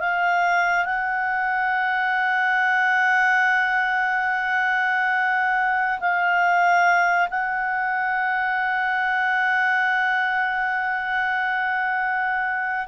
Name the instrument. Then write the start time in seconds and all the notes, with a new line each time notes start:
clarinet
0.00 F5
0.86 F#5
6.00 F5
7.31 F#5